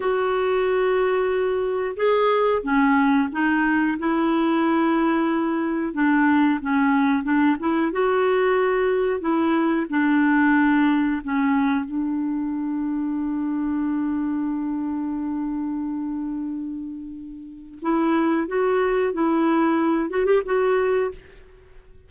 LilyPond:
\new Staff \with { instrumentName = "clarinet" } { \time 4/4 \tempo 4 = 91 fis'2. gis'4 | cis'4 dis'4 e'2~ | e'4 d'4 cis'4 d'8 e'8 | fis'2 e'4 d'4~ |
d'4 cis'4 d'2~ | d'1~ | d'2. e'4 | fis'4 e'4. fis'16 g'16 fis'4 | }